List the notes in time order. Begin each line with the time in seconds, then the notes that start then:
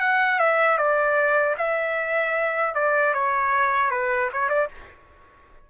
0.00 F#5
0.39 E5
0.78 D5
1.58 E5
2.75 D5
3.14 C#5
3.91 B4
4.32 C#5
4.49 D5